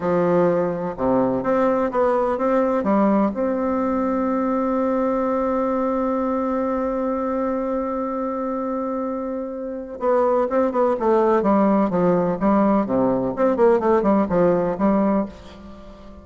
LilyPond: \new Staff \with { instrumentName = "bassoon" } { \time 4/4 \tempo 4 = 126 f2 c4 c'4 | b4 c'4 g4 c'4~ | c'1~ | c'1~ |
c'1~ | c'4 b4 c'8 b8 a4 | g4 f4 g4 c4 | c'8 ais8 a8 g8 f4 g4 | }